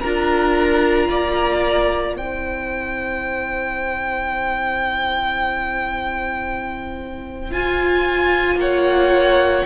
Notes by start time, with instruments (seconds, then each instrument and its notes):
0.00 cello D4, viola F4, violin A#4 A#5
1.09 cello A#3, violin D5
2.16 cello C4, viola E4, violin C5 G5
7.51 viola F4, cello F4, violin G#5
8.55 cello A#3, violin C#5 F#5